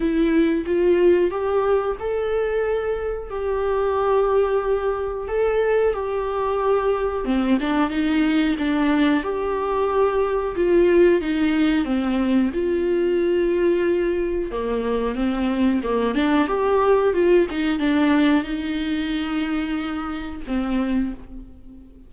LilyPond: \new Staff \with { instrumentName = "viola" } { \time 4/4 \tempo 4 = 91 e'4 f'4 g'4 a'4~ | a'4 g'2. | a'4 g'2 c'8 d'8 | dis'4 d'4 g'2 |
f'4 dis'4 c'4 f'4~ | f'2 ais4 c'4 | ais8 d'8 g'4 f'8 dis'8 d'4 | dis'2. c'4 | }